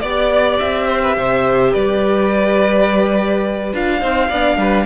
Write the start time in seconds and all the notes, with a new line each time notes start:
0.00 B3 G4 D5
0.60 C4 E5
0.87 C5
1.02 B4
1.17 C3 C5
1.72 G3 B4 D5
3.73 D4 F4 F5
3.99 C4 D#4 C5
4.29 B3 D4 D5
4.57 G3 B4